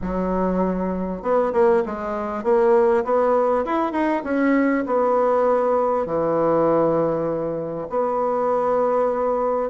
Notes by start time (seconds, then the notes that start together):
0.01 F#3
1.22 B3
1.52 A#3
1.85 G#3
2.43 A#3
3.04 B3
3.65 E4
3.92 D#4
4.23 C#4
4.86 B3
6.06 E3
7.90 B3